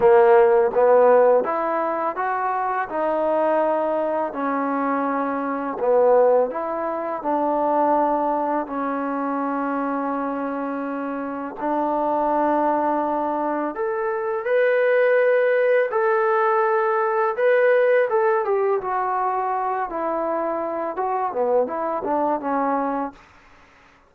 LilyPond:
\new Staff \with { instrumentName = "trombone" } { \time 4/4 \tempo 4 = 83 ais4 b4 e'4 fis'4 | dis'2 cis'2 | b4 e'4 d'2 | cis'1 |
d'2. a'4 | b'2 a'2 | b'4 a'8 g'8 fis'4. e'8~ | e'4 fis'8 b8 e'8 d'8 cis'4 | }